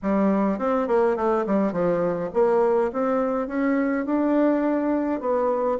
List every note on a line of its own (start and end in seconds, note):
0.02 0.58 G3
0.58 0.87 C4
0.87 1.16 A#3
1.16 1.45 A3
1.46 1.72 G3
1.72 2.30 F3
2.33 2.91 A#3
2.93 3.47 C4
3.47 4.05 C#4
4.05 5.20 D4
5.20 5.78 B3